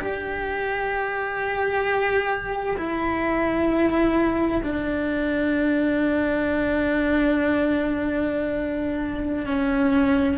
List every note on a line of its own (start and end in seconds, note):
0.00 2.77 G4
2.78 4.62 E4
4.64 9.46 D4
9.46 10.38 C#4